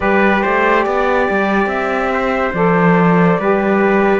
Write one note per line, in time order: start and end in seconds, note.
0.00 0.43 G3
0.00 2.52 G4
0.00 0.42 B4
0.00 1.68 D5
0.42 0.86 A3
0.42 0.83 C5
0.83 1.28 B3
0.83 2.10 D5
1.29 1.66 G3
1.66 2.50 C4
1.66 2.53 E5
2.13 3.39 C5
2.53 3.37 F3
2.53 3.39 A4
2.53 4.20 D5
3.39 4.20 G3
3.39 4.20 G4
3.39 4.20 B4